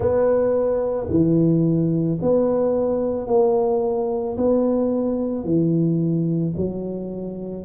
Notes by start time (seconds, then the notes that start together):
0.00 B3
1.09 E3
2.21 B3
3.27 A#3
4.37 B3
5.44 E3
6.56 F#3